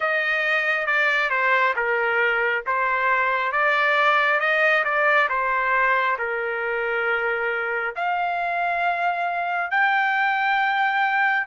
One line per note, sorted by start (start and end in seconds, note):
0.00 0.86 D#5
0.86 1.30 D5
1.30 1.74 C5
1.76 2.64 A#4
2.66 3.52 C5
3.52 4.40 D5
4.40 4.84 D#5
4.84 5.28 D5
5.29 6.17 C5
6.18 7.95 A#4
7.95 9.71 F5
9.71 11.47 G5